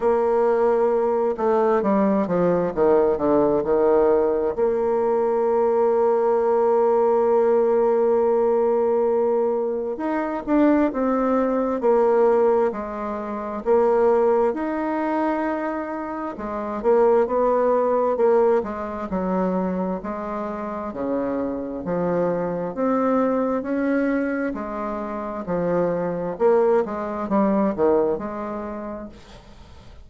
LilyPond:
\new Staff \with { instrumentName = "bassoon" } { \time 4/4 \tempo 4 = 66 ais4. a8 g8 f8 dis8 d8 | dis4 ais2.~ | ais2. dis'8 d'8 | c'4 ais4 gis4 ais4 |
dis'2 gis8 ais8 b4 | ais8 gis8 fis4 gis4 cis4 | f4 c'4 cis'4 gis4 | f4 ais8 gis8 g8 dis8 gis4 | }